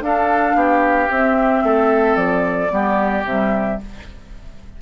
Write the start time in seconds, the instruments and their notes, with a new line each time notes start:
0.00 bassoon D4, clarinet D4, oboe A4, flute F5
0.54 bassoon B3, oboe G4
1.09 clarinet C4, bassoon C4, flute E5
1.63 bassoon A3, oboe A4
2.15 bassoon F3, flute D5
2.69 bassoon G3, clarinet B3, oboe G4
3.24 bassoon C3, clarinet G3, flute E5